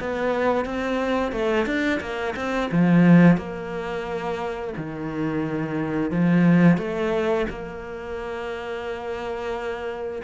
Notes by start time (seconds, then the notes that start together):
0.00 B3
0.66 C4
1.32 A3
1.66 D4
2.01 A#3
2.36 C4
2.72 F3
3.37 A#3
4.77 D#3
6.11 F3
6.78 A3
7.50 A#3